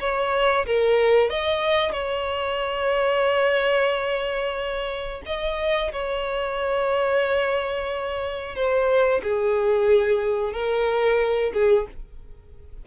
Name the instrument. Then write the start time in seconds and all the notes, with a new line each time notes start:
violin
0.00 C#5
0.66 A#4
1.30 D#5
1.92 C#5
5.26 D#5
5.92 C#5
8.55 C5
9.23 G#4
10.53 A#4
11.53 G#4